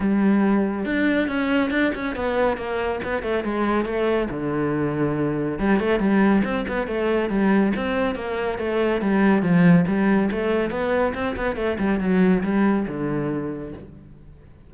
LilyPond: \new Staff \with { instrumentName = "cello" } { \time 4/4 \tempo 4 = 140 g2 d'4 cis'4 | d'8 cis'8 b4 ais4 b8 a8 | gis4 a4 d2~ | d4 g8 a8 g4 c'8 b8 |
a4 g4 c'4 ais4 | a4 g4 f4 g4 | a4 b4 c'8 b8 a8 g8 | fis4 g4 d2 | }